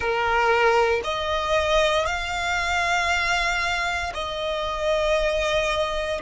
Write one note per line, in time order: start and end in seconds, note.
0.00 1.01 A#4
1.03 2.05 D#5
2.05 4.12 F5
4.14 6.21 D#5